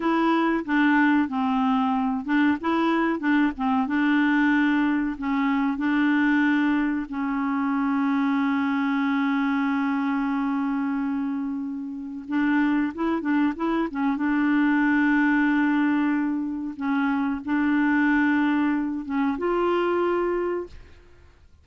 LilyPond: \new Staff \with { instrumentName = "clarinet" } { \time 4/4 \tempo 4 = 93 e'4 d'4 c'4. d'8 | e'4 d'8 c'8 d'2 | cis'4 d'2 cis'4~ | cis'1~ |
cis'2. d'4 | e'8 d'8 e'8 cis'8 d'2~ | d'2 cis'4 d'4~ | d'4. cis'8 f'2 | }